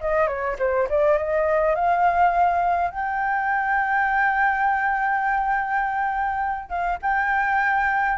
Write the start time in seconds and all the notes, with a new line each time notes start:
0.00 D#5
0.27 C#5
0.59 C5
0.89 D5
1.17 D#5
1.75 F5
2.90 G5
6.69 F5
7.02 G5